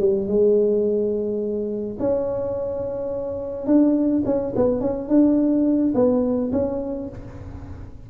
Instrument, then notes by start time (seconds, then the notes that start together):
tuba
0.00 G3
0.27 G#3
2.00 C#4
3.67 D4
4.25 C#4
4.56 B3
4.81 C#4
5.09 D4
5.95 B3
6.52 C#4